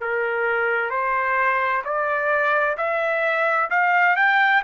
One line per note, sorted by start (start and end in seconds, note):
0.00 0.90 A#4
0.90 1.82 C5
1.84 2.77 D5
2.77 3.70 E5
3.70 4.16 F5
4.16 4.62 G5